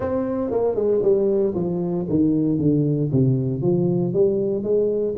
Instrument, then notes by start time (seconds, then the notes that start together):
tuba
0.00 C4
0.50 A#3
0.75 G#3
1.02 G3
1.54 F3
2.09 D#3
2.58 D3
3.12 C3
3.61 F3
4.13 G3
4.63 G#3